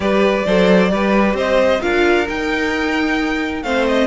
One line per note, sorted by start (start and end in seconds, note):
0.00 0.42 G3
0.00 0.44 G4
0.00 0.45 B4
0.00 1.36 D5
0.45 0.91 F#3
0.45 0.89 A4
0.45 0.91 C5
0.89 1.34 G3
0.89 1.80 G4
0.89 1.35 B4
1.34 1.79 C4
1.34 1.81 C5
1.34 1.82 D#5
1.81 2.28 D4
1.81 2.26 F4
1.81 3.63 A#4
1.81 2.27 F5
2.26 3.63 D#4
2.26 3.62 G5
3.62 4.07 A3
3.62 4.07 C4
3.62 4.07 C5
3.62 3.85 F5
3.87 4.07 D#5